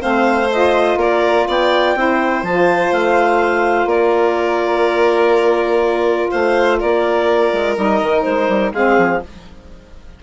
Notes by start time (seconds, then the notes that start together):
0.00 A3 C4 C5 F5
0.51 F4 D#5
0.96 A#3 A#4 D5
1.47 B3 D5 G5
1.95 C4 E4 C5
2.42 F3 A5
2.49 F4
2.92 A3 F5
3.85 A#3 A#4 D5
6.30 A3 C5 F5
6.79 A#3 A#4 D5
7.52 G#3
7.75 G3 D#4 D#5
8.01 D#3
8.22 G#3 C5
8.48 G3
8.73 G#3 C4 G#4 F5
8.98 F3